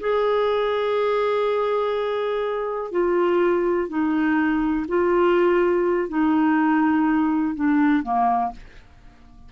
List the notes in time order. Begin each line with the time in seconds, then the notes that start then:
0.00 G#4
2.91 F4
3.89 D#4
4.88 F4
6.09 D#4
7.55 D4
8.03 A#3